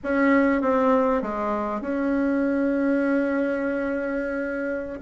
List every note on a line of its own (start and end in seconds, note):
0.03 0.61 C#4
0.61 1.21 C4
1.21 1.81 G#3
1.81 4.99 C#4